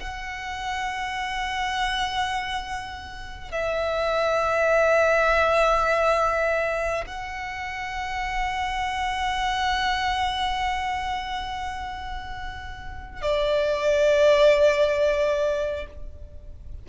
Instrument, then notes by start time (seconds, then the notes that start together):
violin
0.00 F#5
3.52 E5
7.07 F#5
13.22 D5